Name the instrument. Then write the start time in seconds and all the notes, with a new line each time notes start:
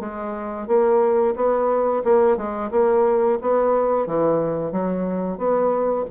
bassoon
0.00 G#3
0.67 A#3
1.36 B3
2.04 A#3
2.37 G#3
2.71 A#3
3.41 B3
4.06 E3
4.72 F#3
5.38 B3